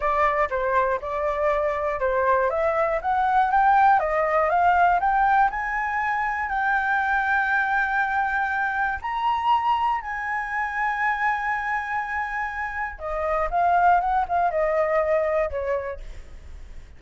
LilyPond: \new Staff \with { instrumentName = "flute" } { \time 4/4 \tempo 4 = 120 d''4 c''4 d''2 | c''4 e''4 fis''4 g''4 | dis''4 f''4 g''4 gis''4~ | gis''4 g''2.~ |
g''2 ais''2 | gis''1~ | gis''2 dis''4 f''4 | fis''8 f''8 dis''2 cis''4 | }